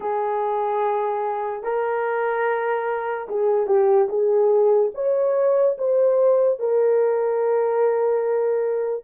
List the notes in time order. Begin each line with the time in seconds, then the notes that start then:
0.00 G#4
1.63 A#4
3.28 G#4
3.67 G4
4.09 G#4
4.94 C#5
5.78 C5
6.59 A#4